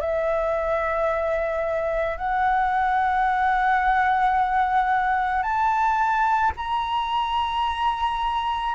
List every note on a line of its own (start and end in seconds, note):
0.00 2.17 E5
2.17 5.43 F#5
5.43 6.52 A5
6.57 8.75 A#5